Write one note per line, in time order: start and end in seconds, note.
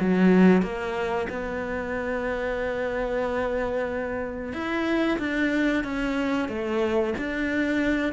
0.00 0.63 F#3
0.63 1.28 A#3
1.30 4.53 B3
4.53 5.18 E4
5.19 5.84 D4
5.84 6.49 C#4
6.49 7.14 A3
7.19 8.13 D4